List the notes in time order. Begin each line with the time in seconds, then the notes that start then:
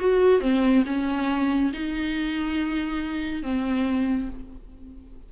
0.00 F#4
0.41 C4
0.86 C#4
1.73 D#4
3.43 C4